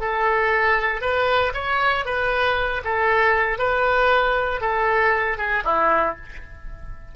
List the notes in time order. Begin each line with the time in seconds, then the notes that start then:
0.00 A4
1.01 B4
1.54 C#5
2.05 B4
2.85 A4
3.59 B4
4.61 A4
5.38 G#4
5.64 E4